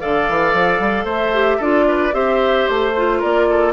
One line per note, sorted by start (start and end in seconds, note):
0.00 0.29 D3
0.00 1.33 A4
0.00 1.05 D5
0.00 1.07 F5
0.29 0.53 E3
0.53 0.80 F3
0.80 1.05 G3
1.05 1.58 A3
1.05 1.58 C5
1.05 1.62 E5
1.33 1.60 G4
1.58 2.14 D4
1.58 2.12 F4
1.58 1.85 A4
1.58 2.14 D5
1.88 2.15 B4
2.12 2.67 C4
2.12 2.93 G4
2.12 3.19 C5
2.12 2.67 E5
2.67 3.23 A3
2.67 3.21 C5
2.97 3.73 F4
3.19 3.73 A#3
3.19 3.46 A#4
3.19 3.73 D5
3.50 3.73 A4